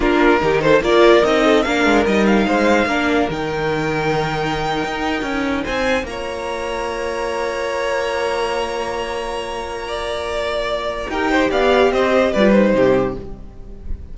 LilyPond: <<
  \new Staff \with { instrumentName = "violin" } { \time 4/4 \tempo 4 = 146 ais'4. c''8 d''4 dis''4 | f''4 dis''8 f''2~ f''8 | g''1~ | g''4.~ g''16 gis''4 ais''4~ ais''16~ |
ais''1~ | ais''1~ | ais''2. g''4 | f''4 dis''4 d''8 c''4. | }
  \new Staff \with { instrumentName = "violin" } { \time 4/4 f'4 g'8 a'8 ais'4. a'8 | ais'2 c''4 ais'4~ | ais'1~ | ais'4.~ ais'16 c''4 cis''4~ cis''16~ |
cis''1~ | cis''1 | d''2. ais'8 c''8 | d''4 c''4 b'4 g'4 | }
  \new Staff \with { instrumentName = "viola" } { \time 4/4 d'4 dis'4 f'4 dis'4 | d'4 dis'2 d'4 | dis'1~ | dis'2~ dis'8. f'4~ f'16~ |
f'1~ | f'1~ | f'2. g'4~ | g'2 f'8 dis'4. | }
  \new Staff \with { instrumentName = "cello" } { \time 4/4 ais4 dis4 ais4 c'4 | ais8 gis8 g4 gis4 ais4 | dis2.~ dis8. dis'16~ | dis'8. cis'4 c'4 ais4~ ais16~ |
ais1~ | ais1~ | ais2. dis'4 | b4 c'4 g4 c4 | }
>>